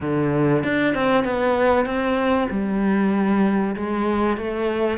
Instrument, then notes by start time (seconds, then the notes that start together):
cello
0.01 D3
0.63 D4
0.94 C4
1.24 B3
1.85 C4
2.50 G3
3.76 G#3
4.37 A3